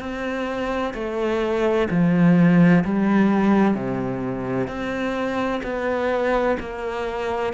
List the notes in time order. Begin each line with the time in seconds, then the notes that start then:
0.00 C4
0.94 A3
1.90 F3
2.84 G3
3.75 C3
4.67 C4
5.63 B3
6.60 A#3